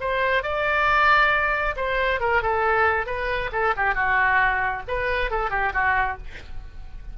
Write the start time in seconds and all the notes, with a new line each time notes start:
0.00 C5
0.43 D5
1.76 C5
2.20 A#4
2.42 A4
3.06 B4
3.52 A4
3.76 G4
3.94 F#4
4.87 B4
5.30 A4
5.50 G4
5.73 F#4